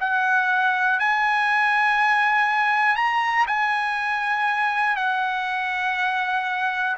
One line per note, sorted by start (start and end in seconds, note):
0.00 0.99 F#5
0.99 2.95 G#5
2.95 3.45 A#5
3.47 4.96 G#5
4.96 6.96 F#5